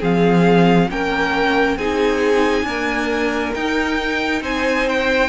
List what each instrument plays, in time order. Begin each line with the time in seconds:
0.00 cello F3, viola C4, violin G#4 F5
0.90 cello A#3, viola C#4, violin A#4 G5
1.77 cello C4, viola D#4, violin G#4 G#5
2.63 viola A#3, cello D4, violin A#4
3.55 cello D#4, viola D#4, violin G5
4.42 cello C4, violin C5 G#5
4.90 violin G5